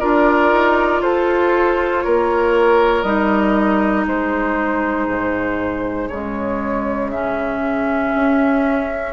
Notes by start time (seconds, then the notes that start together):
0.00 D4 F4 A#4 D5
0.52 D#4
1.02 F4 A4 C5
2.01 A#3 A#4 C#5
3.03 G3 D#4 D#5
4.07 G#3 G#4 C5
5.07 G#2
6.08 C#3 G#3 C#5
7.11 C#4 E5
8.15 C#4